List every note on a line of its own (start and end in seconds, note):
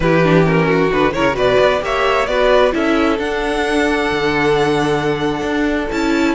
0.00 0.91 E3
0.00 0.23 E4
0.00 0.66 G4
0.00 0.44 B4
0.23 0.43 D4
0.43 0.89 C#4
0.43 0.91 A#4
0.66 1.12 F#4
0.91 1.16 D3
0.91 1.14 D4
0.91 1.13 B4
1.13 1.36 C#3
1.13 1.32 E4
1.13 1.35 A#4
1.13 1.36 C#5
1.32 1.59 B2
1.32 1.78 F#4
1.32 1.81 B4
1.32 1.82 D5
1.59 1.82 B3
1.80 2.27 A#3
1.80 2.25 G4
1.80 2.29 C#5
1.80 2.26 E5
2.26 2.72 B3
2.26 2.71 F#4
2.26 2.74 B4
2.26 2.71 D5
2.71 3.19 C#4
2.71 3.17 E4
2.71 6.35 A4
2.71 3.19 E5
3.18 5.91 D4
3.18 4.09 D4
3.18 5.91 F#5
4.10 5.41 D3
5.41 5.87 D4
5.91 6.35 C#4
5.91 6.35 E4
5.91 6.35 A5